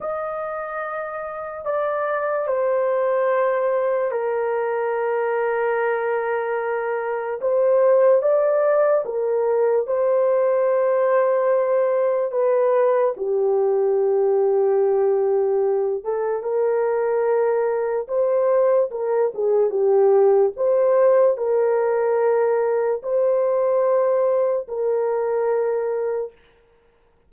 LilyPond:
\new Staff \with { instrumentName = "horn" } { \time 4/4 \tempo 4 = 73 dis''2 d''4 c''4~ | c''4 ais'2.~ | ais'4 c''4 d''4 ais'4 | c''2. b'4 |
g'2.~ g'8 a'8 | ais'2 c''4 ais'8 gis'8 | g'4 c''4 ais'2 | c''2 ais'2 | }